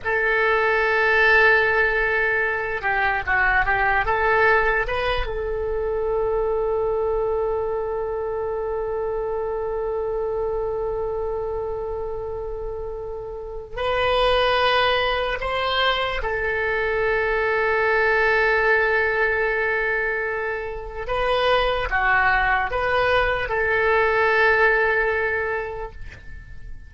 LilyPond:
\new Staff \with { instrumentName = "oboe" } { \time 4/4 \tempo 4 = 74 a'2.~ a'8 g'8 | fis'8 g'8 a'4 b'8 a'4.~ | a'1~ | a'1~ |
a'4 b'2 c''4 | a'1~ | a'2 b'4 fis'4 | b'4 a'2. | }